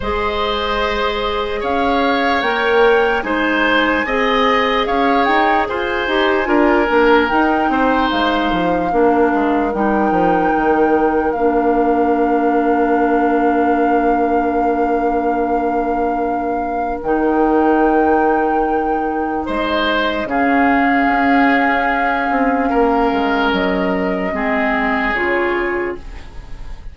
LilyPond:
<<
  \new Staff \with { instrumentName = "flute" } { \time 4/4 \tempo 4 = 74 dis''2 f''4 g''4 | gis''2 f''8 g''8 gis''4~ | gis''4 g''4 f''2 | g''2 f''2~ |
f''1~ | f''4 g''2. | dis''4 f''2.~ | f''4 dis''2 cis''4 | }
  \new Staff \with { instrumentName = "oboe" } { \time 4/4 c''2 cis''2 | c''4 dis''4 cis''4 c''4 | ais'4. c''4. ais'4~ | ais'1~ |
ais'1~ | ais'1 | c''4 gis'2. | ais'2 gis'2 | }
  \new Staff \with { instrumentName = "clarinet" } { \time 4/4 gis'2. ais'4 | dis'4 gis'2~ gis'8 g'8 | f'8 d'8 dis'2 d'4 | dis'2 d'2~ |
d'1~ | d'4 dis'2.~ | dis'4 cis'2.~ | cis'2 c'4 f'4 | }
  \new Staff \with { instrumentName = "bassoon" } { \time 4/4 gis2 cis'4 ais4 | gis4 c'4 cis'8 dis'8 f'8 dis'8 | d'8 ais8 dis'8 c'8 gis8 f8 ais8 gis8 | g8 f8 dis4 ais2~ |
ais1~ | ais4 dis2. | gis4 cis4 cis'4. c'8 | ais8 gis8 fis4 gis4 cis4 | }
>>